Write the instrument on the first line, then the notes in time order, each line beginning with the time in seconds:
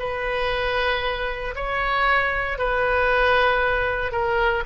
oboe
0.00 B4
1.56 C#5
2.59 B4
4.12 A#4